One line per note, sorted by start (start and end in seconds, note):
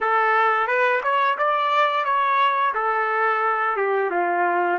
0.00 0.67 A4
0.67 1.01 B4
1.03 1.37 C#5
1.38 2.05 D5
2.05 2.73 C#5
2.74 3.76 A4
3.76 4.10 G4
4.10 4.78 F4